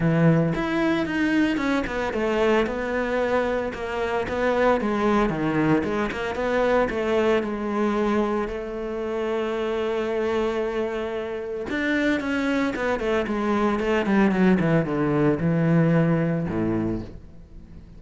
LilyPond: \new Staff \with { instrumentName = "cello" } { \time 4/4 \tempo 4 = 113 e4 e'4 dis'4 cis'8 b8 | a4 b2 ais4 | b4 gis4 dis4 gis8 ais8 | b4 a4 gis2 |
a1~ | a2 d'4 cis'4 | b8 a8 gis4 a8 g8 fis8 e8 | d4 e2 a,4 | }